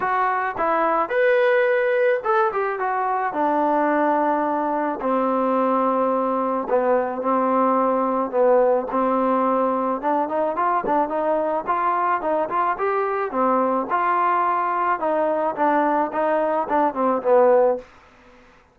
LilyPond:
\new Staff \with { instrumentName = "trombone" } { \time 4/4 \tempo 4 = 108 fis'4 e'4 b'2 | a'8 g'8 fis'4 d'2~ | d'4 c'2. | b4 c'2 b4 |
c'2 d'8 dis'8 f'8 d'8 | dis'4 f'4 dis'8 f'8 g'4 | c'4 f'2 dis'4 | d'4 dis'4 d'8 c'8 b4 | }